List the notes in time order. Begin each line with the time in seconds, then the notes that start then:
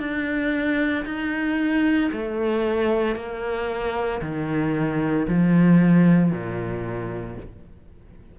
0.00 D4
1.06 D#4
2.13 A3
3.16 A#3
4.22 D#3
5.29 F3
6.32 A#2